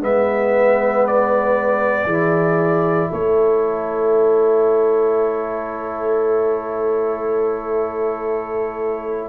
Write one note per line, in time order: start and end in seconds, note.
0.00 2.05 G#3
0.00 2.08 B3
0.00 2.04 B4
0.00 1.06 E5
1.06 3.11 D5
2.04 3.09 E3
2.04 9.29 E4
2.04 3.08 G#4
3.10 9.29 A3
3.10 9.29 A4
3.10 9.29 C#5